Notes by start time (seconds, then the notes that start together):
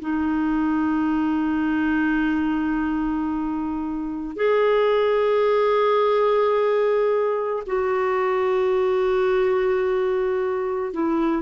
0.00 D#4
4.36 G#4
7.66 F#4
10.93 E4